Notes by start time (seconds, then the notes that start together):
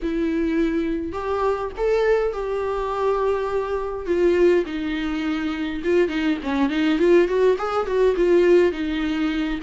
0.02 E4
1.12 G4
1.77 A4
2.32 G4
4.06 F4
4.65 D#4
5.84 F4
6.08 D#4
6.43 C#4
6.69 D#4
6.98 F4
7.27 F#4
7.57 G#4
7.86 F#4
8.16 F4
8.72 D#4